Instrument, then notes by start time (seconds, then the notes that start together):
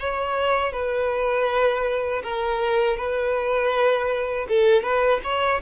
violin
0.00 C#5
0.73 B4
2.24 A#4
2.97 B4
4.49 A4
4.83 B4
5.24 C#5